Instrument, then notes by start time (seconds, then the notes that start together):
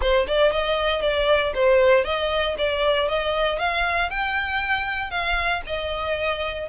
violin
0.01 C5
0.27 D5
0.52 D#5
1.01 D5
1.54 C5
2.04 D#5
2.58 D5
3.08 D#5
3.59 F5
4.10 G5
5.10 F5
5.66 D#5